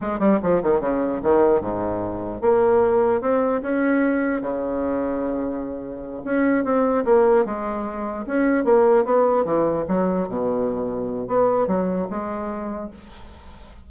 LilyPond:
\new Staff \with { instrumentName = "bassoon" } { \time 4/4 \tempo 4 = 149 gis8 g8 f8 dis8 cis4 dis4 | gis,2 ais2 | c'4 cis'2 cis4~ | cis2.~ cis8 cis'8~ |
cis'8 c'4 ais4 gis4.~ | gis8 cis'4 ais4 b4 e8~ | e8 fis4 b,2~ b,8 | b4 fis4 gis2 | }